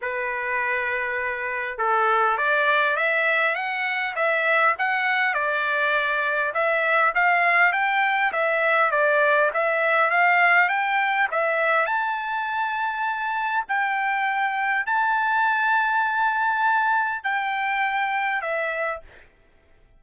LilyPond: \new Staff \with { instrumentName = "trumpet" } { \time 4/4 \tempo 4 = 101 b'2. a'4 | d''4 e''4 fis''4 e''4 | fis''4 d''2 e''4 | f''4 g''4 e''4 d''4 |
e''4 f''4 g''4 e''4 | a''2. g''4~ | g''4 a''2.~ | a''4 g''2 e''4 | }